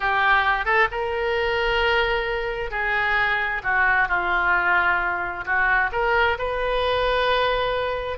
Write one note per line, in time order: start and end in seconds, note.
0.00 0.65 G4
0.65 0.88 A4
0.91 2.70 A#4
2.70 3.61 G#4
3.63 4.08 F#4
4.08 5.44 F4
5.45 5.90 F#4
5.92 6.37 A#4
6.38 8.18 B4